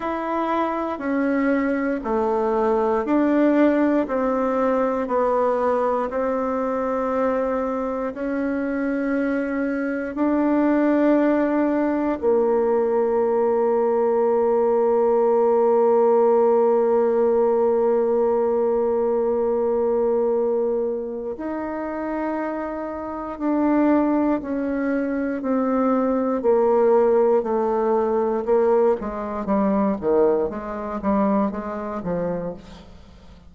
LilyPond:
\new Staff \with { instrumentName = "bassoon" } { \time 4/4 \tempo 4 = 59 e'4 cis'4 a4 d'4 | c'4 b4 c'2 | cis'2 d'2 | ais1~ |
ais1~ | ais4 dis'2 d'4 | cis'4 c'4 ais4 a4 | ais8 gis8 g8 dis8 gis8 g8 gis8 f8 | }